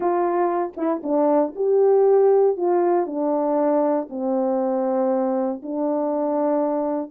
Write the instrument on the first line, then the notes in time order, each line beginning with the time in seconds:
horn
0.00 F4
0.76 E4
1.03 D4
1.55 G4
2.57 F4
3.06 D4
4.09 C4
5.62 D4